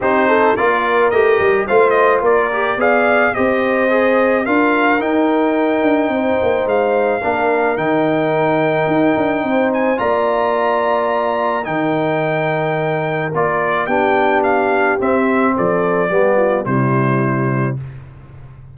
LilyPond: <<
  \new Staff \with { instrumentName = "trumpet" } { \time 4/4 \tempo 4 = 108 c''4 d''4 dis''4 f''8 dis''8 | d''4 f''4 dis''2 | f''4 g''2. | f''2 g''2~ |
g''4. gis''8 ais''2~ | ais''4 g''2. | d''4 g''4 f''4 e''4 | d''2 c''2 | }
  \new Staff \with { instrumentName = "horn" } { \time 4/4 g'8 a'8 ais'2 c''4 | ais'4 d''4 c''2 | ais'2. c''4~ | c''4 ais'2.~ |
ais'4 c''4 d''2~ | d''4 ais'2.~ | ais'4 g'2. | a'4 g'8 f'8 e'2 | }
  \new Staff \with { instrumentName = "trombone" } { \time 4/4 dis'4 f'4 g'4 f'4~ | f'8 g'8 gis'4 g'4 gis'4 | f'4 dis'2.~ | dis'4 d'4 dis'2~ |
dis'2 f'2~ | f'4 dis'2. | f'4 d'2 c'4~ | c'4 b4 g2 | }
  \new Staff \with { instrumentName = "tuba" } { \time 4/4 c'4 ais4 a8 g8 a4 | ais4 b4 c'2 | d'4 dis'4. d'8 c'8 ais8 | gis4 ais4 dis2 |
dis'8 d'8 c'4 ais2~ | ais4 dis2. | ais4 b2 c'4 | f4 g4 c2 | }
>>